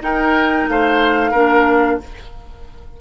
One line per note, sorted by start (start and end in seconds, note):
0.00 0.66 D#4
0.00 1.32 D#4
0.00 0.69 A#4
0.00 0.68 G5
0.67 1.32 A3
0.67 1.30 C5
0.67 2.00 F5
1.30 1.98 A#3
1.30 2.00 D4
1.30 1.96 A#4